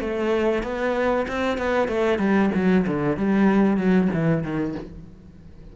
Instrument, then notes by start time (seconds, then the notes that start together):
cello
0.00 A3
0.63 B3
1.28 C4
1.58 B3
1.88 A3
2.18 G3
2.55 F#3
2.87 D3
3.17 G3
3.77 F#3
4.13 E3
4.43 D#3